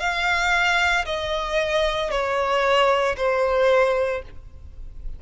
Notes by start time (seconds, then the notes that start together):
0.00 F5
1.06 D#5
2.11 C#5
3.17 C5